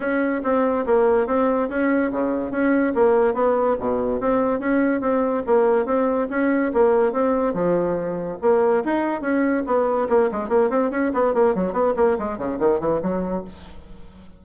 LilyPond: \new Staff \with { instrumentName = "bassoon" } { \time 4/4 \tempo 4 = 143 cis'4 c'4 ais4 c'4 | cis'4 cis4 cis'4 ais4 | b4 b,4 c'4 cis'4 | c'4 ais4 c'4 cis'4 |
ais4 c'4 f2 | ais4 dis'4 cis'4 b4 | ais8 gis8 ais8 c'8 cis'8 b8 ais8 fis8 | b8 ais8 gis8 cis8 dis8 e8 fis4 | }